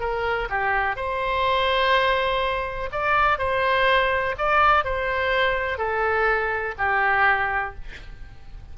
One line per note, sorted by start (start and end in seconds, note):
0.00 0.48 A#4
0.49 0.96 G4
0.96 2.89 C5
2.92 3.38 D5
3.38 4.35 C5
4.38 4.84 D5
4.84 5.78 C5
5.78 6.74 A4
6.78 7.75 G4